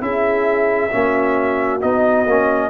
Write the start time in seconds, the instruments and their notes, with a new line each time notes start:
0.00 tuba C#4, trombone E4, horn G#4, trumpet E5
0.90 tuba A#3, trombone C#4, horn F#4
1.81 tuba B3, trombone D#4, trumpet D#5
2.26 tuba A#3, trombone C#4